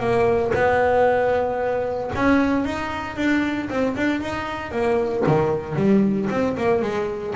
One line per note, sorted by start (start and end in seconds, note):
0.00 0.52 A#3
0.55 2.11 B3
2.16 2.65 C#4
2.65 3.17 D#4
3.17 3.69 D4
3.70 3.96 C4
3.97 4.21 D4
4.21 4.71 D#4
4.71 5.24 A#3
5.27 5.76 D#3
5.76 6.28 G3
6.30 6.56 C4
6.57 6.82 A#3
6.82 7.34 G#3